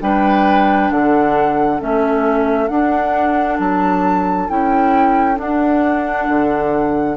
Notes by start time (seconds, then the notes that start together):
0.00 G3 D4 B4 G5
0.91 D3 A4 F#5
1.79 A3 C#4 E5
2.68 D4 F#5
3.59 F#3 A5
4.49 C#4 E4 G5
5.35 D4 F#5
6.28 D3